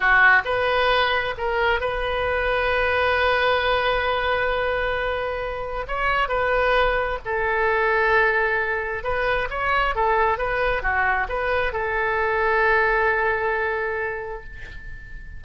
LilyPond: \new Staff \with { instrumentName = "oboe" } { \time 4/4 \tempo 4 = 133 fis'4 b'2 ais'4 | b'1~ | b'1~ | b'4 cis''4 b'2 |
a'1 | b'4 cis''4 a'4 b'4 | fis'4 b'4 a'2~ | a'1 | }